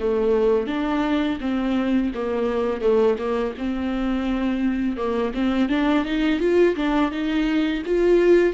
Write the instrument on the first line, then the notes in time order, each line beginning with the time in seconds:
viola
0.00 A3
0.67 D4
1.40 C4
2.15 A#3
2.81 A3
3.18 A#3
3.58 C4
4.97 A#3
5.34 C4
5.69 D4
6.05 D#4
6.40 F4
6.76 D4
7.11 D#4
7.86 F4